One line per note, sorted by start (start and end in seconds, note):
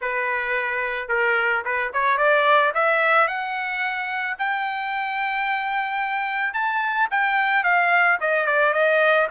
0.01 1.08 B4
1.08 1.62 A#4
1.64 1.92 B4
1.93 2.17 C#5
2.17 2.72 D5
2.74 3.27 E5
3.27 4.36 F#5
4.38 6.53 G5
6.53 7.08 A5
7.11 7.63 G5
7.63 8.18 F5
8.20 8.46 D#5
8.46 8.73 D5
8.73 9.27 D#5